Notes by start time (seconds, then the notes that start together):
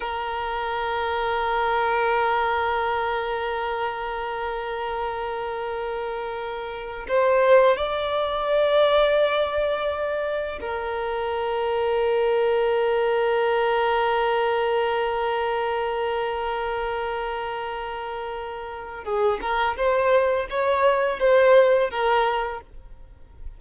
0.00 A#4
7.08 C5
7.76 D5
10.60 A#4
19.04 G#4
19.41 A#4
19.76 C5
20.49 C#5
21.19 C5
21.90 A#4